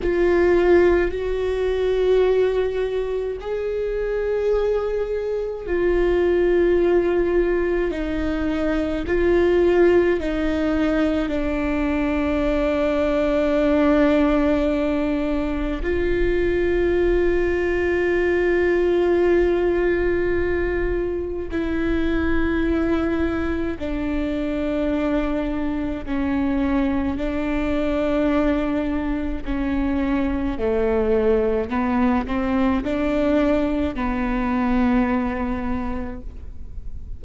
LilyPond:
\new Staff \with { instrumentName = "viola" } { \time 4/4 \tempo 4 = 53 f'4 fis'2 gis'4~ | gis'4 f'2 dis'4 | f'4 dis'4 d'2~ | d'2 f'2~ |
f'2. e'4~ | e'4 d'2 cis'4 | d'2 cis'4 a4 | b8 c'8 d'4 b2 | }